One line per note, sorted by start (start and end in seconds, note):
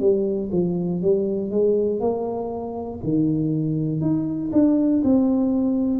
0.00 0.50 G3
0.52 1.02 F3
1.02 1.51 G3
1.51 2.00 G#3
2.00 3.00 A#3
3.04 4.02 D#3
4.02 4.52 D#4
4.53 5.03 D4
5.04 6.00 C4